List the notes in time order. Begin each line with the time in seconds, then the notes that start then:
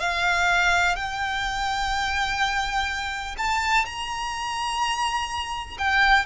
0.00 F5
0.96 G5
3.38 A5
3.86 A#5
5.79 G5